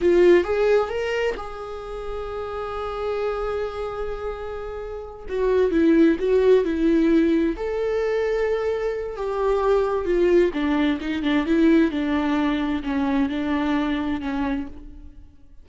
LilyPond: \new Staff \with { instrumentName = "viola" } { \time 4/4 \tempo 4 = 131 f'4 gis'4 ais'4 gis'4~ | gis'1~ | gis'2.~ gis'8 fis'8~ | fis'8 e'4 fis'4 e'4.~ |
e'8 a'2.~ a'8 | g'2 f'4 d'4 | dis'8 d'8 e'4 d'2 | cis'4 d'2 cis'4 | }